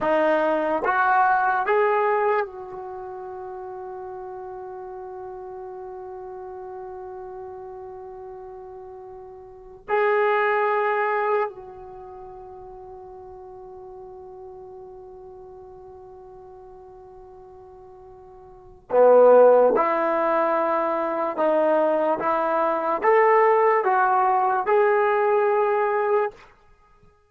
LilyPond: \new Staff \with { instrumentName = "trombone" } { \time 4/4 \tempo 4 = 73 dis'4 fis'4 gis'4 fis'4~ | fis'1~ | fis'1 | gis'2 fis'2~ |
fis'1~ | fis'2. b4 | e'2 dis'4 e'4 | a'4 fis'4 gis'2 | }